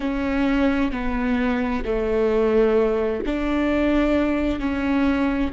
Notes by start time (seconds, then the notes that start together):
0.00 C#4
0.91 B3
1.84 A3
3.26 D4
4.59 C#4